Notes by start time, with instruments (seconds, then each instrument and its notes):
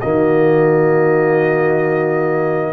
0.00 tuba D#3, trombone A#3, horn F#4, trumpet D#5